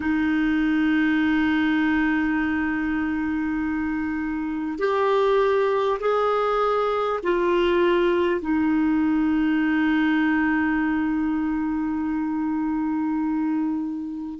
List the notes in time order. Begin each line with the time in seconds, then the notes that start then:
0.00 D#4
4.78 G4
6.00 G#4
7.23 F4
8.41 D#4